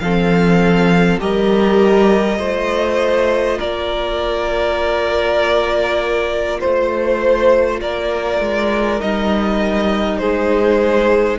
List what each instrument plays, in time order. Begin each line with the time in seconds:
0.00 cello F3, viola C4, violin A4 F5
1.20 cello G3, viola G4, violin A#4 D#5
2.39 cello A3, viola F4, violin C5
3.58 cello A#3, violin A#4 D5
6.60 cello A3, violin C5
7.81 cello A#3, violin A#4 D5
8.41 cello G#3
9.00 cello G3, viola D#4, violin D#5
10.19 cello G#3, violin G#4 C5